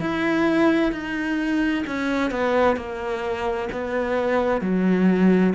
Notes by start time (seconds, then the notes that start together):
0.00 E4
0.91 D#4
1.86 C#4
2.30 B3
2.76 A#3
3.71 B3
4.61 F#3